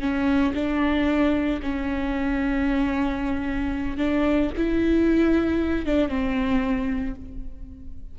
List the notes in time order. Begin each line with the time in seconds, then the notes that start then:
0.00 C#4
0.54 D4
1.62 C#4
3.97 D4
4.57 E4
5.86 D4
6.08 C4